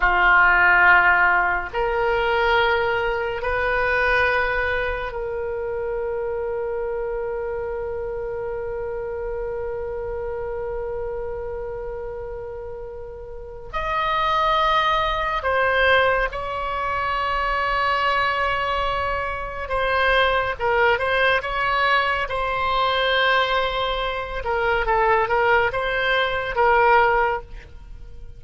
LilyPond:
\new Staff \with { instrumentName = "oboe" } { \time 4/4 \tempo 4 = 70 f'2 ais'2 | b'2 ais'2~ | ais'1~ | ais'1 |
dis''2 c''4 cis''4~ | cis''2. c''4 | ais'8 c''8 cis''4 c''2~ | c''8 ais'8 a'8 ais'8 c''4 ais'4 | }